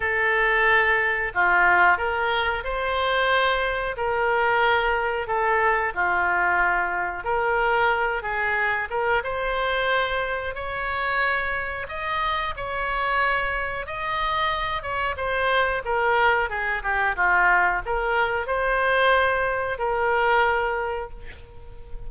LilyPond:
\new Staff \with { instrumentName = "oboe" } { \time 4/4 \tempo 4 = 91 a'2 f'4 ais'4 | c''2 ais'2 | a'4 f'2 ais'4~ | ais'8 gis'4 ais'8 c''2 |
cis''2 dis''4 cis''4~ | cis''4 dis''4. cis''8 c''4 | ais'4 gis'8 g'8 f'4 ais'4 | c''2 ais'2 | }